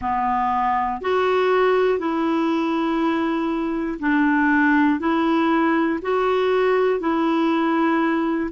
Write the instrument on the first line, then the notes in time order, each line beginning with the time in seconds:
clarinet
0.00 B3
1.00 F#4
1.98 E4
3.99 D4
5.00 E4
6.01 F#4
7.00 E4